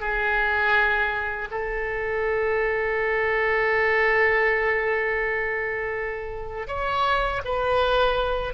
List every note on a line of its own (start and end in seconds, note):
0.00 1.48 G#4
1.51 6.67 A4
6.67 7.41 C#5
7.44 8.54 B4